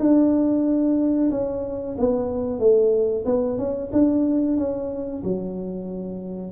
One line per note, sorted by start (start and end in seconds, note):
0.00 1.30 D4
1.31 1.96 C#4
1.98 2.59 B3
2.59 3.25 A3
3.26 3.58 B3
3.58 3.91 C#4
3.93 4.58 D4
4.58 5.23 C#4
5.24 6.52 F#3